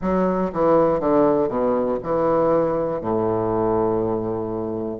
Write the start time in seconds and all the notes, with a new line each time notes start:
0.01 F#3
0.53 E3
1.00 D3
1.48 B2
2.02 E3
3.00 A2